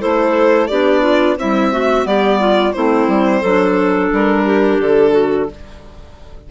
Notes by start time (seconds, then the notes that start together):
0.00 A3 E4 A4 C5
0.67 B3 D4 G4 D5
1.01 F4
1.37 G3 C4 E4 E5
1.71 A3 F#4
2.03 G3 B3 G4 D5
2.39 F4
2.73 A3 C4 E4 C5
3.08 G3
3.40 F#3 D4 A4
4.12 G3 A#4
4.45 G4
4.79 D3 A4
5.11 F#4